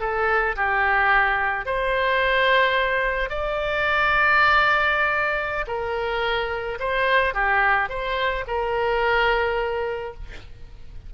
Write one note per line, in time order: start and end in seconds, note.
0.00 0.56 A4
0.56 1.66 G4
1.66 3.30 C5
3.30 5.66 D5
5.67 6.79 A#4
6.80 7.34 C5
7.34 7.89 G4
7.89 8.44 C5
8.47 10.14 A#4